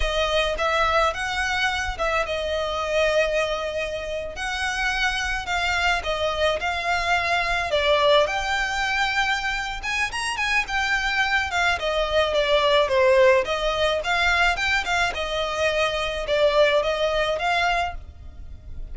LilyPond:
\new Staff \with { instrumentName = "violin" } { \time 4/4 \tempo 4 = 107 dis''4 e''4 fis''4. e''8 | dis''2.~ dis''8. fis''16~ | fis''4.~ fis''16 f''4 dis''4 f''16~ | f''4.~ f''16 d''4 g''4~ g''16~ |
g''4. gis''8 ais''8 gis''8 g''4~ | g''8 f''8 dis''4 d''4 c''4 | dis''4 f''4 g''8 f''8 dis''4~ | dis''4 d''4 dis''4 f''4 | }